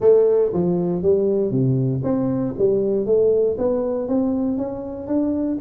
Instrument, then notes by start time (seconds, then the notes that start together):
tuba
0.00 A3
0.53 F3
1.02 G3
1.51 C3
2.03 C4
2.58 G3
3.06 A3
3.57 B3
4.08 C4
4.57 C#4
5.07 D4